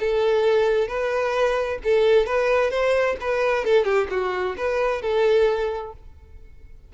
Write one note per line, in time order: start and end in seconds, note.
0.00 0.88 A4
0.88 1.79 B4
1.84 2.26 A4
2.26 2.71 B4
2.71 3.16 C5
3.21 3.65 B4
3.65 3.85 A4
3.85 4.08 G4
4.11 4.56 F#4
4.57 5.02 B4
5.02 5.93 A4